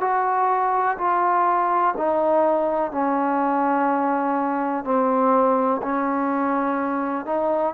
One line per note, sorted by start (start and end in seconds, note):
0.00 0.97 F#4
0.98 1.94 F4
1.97 2.91 D#4
2.91 4.84 C#4
4.84 5.81 C4
5.82 7.25 C#4
7.25 7.74 D#4